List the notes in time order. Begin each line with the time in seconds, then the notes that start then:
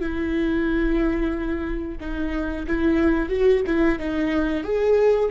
0.00 E4
2.00 D#4
2.67 E4
3.29 F#4
3.66 E4
3.99 D#4
4.64 G#4